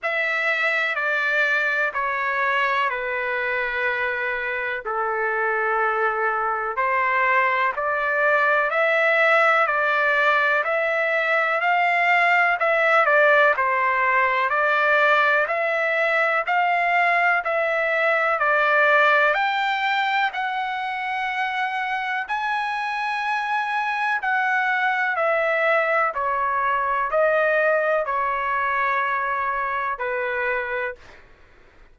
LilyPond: \new Staff \with { instrumentName = "trumpet" } { \time 4/4 \tempo 4 = 62 e''4 d''4 cis''4 b'4~ | b'4 a'2 c''4 | d''4 e''4 d''4 e''4 | f''4 e''8 d''8 c''4 d''4 |
e''4 f''4 e''4 d''4 | g''4 fis''2 gis''4~ | gis''4 fis''4 e''4 cis''4 | dis''4 cis''2 b'4 | }